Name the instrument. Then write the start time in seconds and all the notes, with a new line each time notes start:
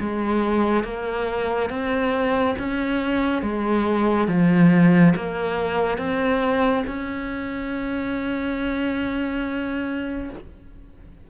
cello
0.00 G#3
0.84 A#3
1.70 C4
2.59 C#4
3.42 G#3
4.28 F3
5.16 A#3
5.98 C4
6.87 C#4